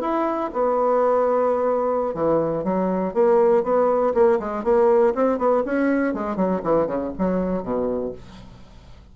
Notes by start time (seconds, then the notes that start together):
0.00 E4
0.53 B3
2.14 E3
2.63 F#3
3.13 A#3
3.63 B3
4.14 A#3
4.39 G#3
4.63 A#3
5.14 C4
5.38 B3
5.65 C#4
6.13 G#3
6.36 F#3
6.63 E3
6.86 C#3
7.18 F#3
7.62 B2